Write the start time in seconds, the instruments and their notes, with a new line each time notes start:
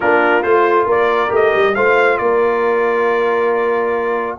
0.00 tuba A#3, trombone D4, horn F4, trumpet A#4
0.42 tuba A3, trombone F4, trumpet C5
0.85 tuba A#3, horn A#4, trumpet D5
1.28 tuba A3, trombone G4
1.35 trumpet D#5
1.55 tuba G3
1.74 tuba A3, trombone F4, horn C5, trumpet F5
2.17 tuba A#3, horn A#4, trumpet D5